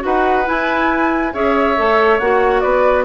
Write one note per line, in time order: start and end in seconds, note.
0.00 0.48 D#4
0.00 0.43 F#4
0.00 1.33 B4
0.00 0.48 F#5
0.46 1.33 E4
0.46 1.34 E4
0.46 1.34 G#5
1.33 1.78 C#4
1.33 1.77 G#4
1.33 2.62 C#5
1.33 2.19 E5
1.77 2.20 A3
1.77 2.20 A4
2.19 2.63 A#3
2.19 3.05 F#4
2.19 2.61 F#5
2.61 3.05 B3
2.61 3.05 B4
2.61 3.04 D5